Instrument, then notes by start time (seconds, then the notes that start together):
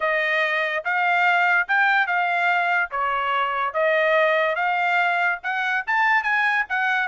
trumpet
0.00 D#5
0.84 F5
1.68 G5
2.06 F5
2.90 C#5
3.73 D#5
4.55 F5
5.43 F#5
5.86 A5
6.23 G#5
6.69 F#5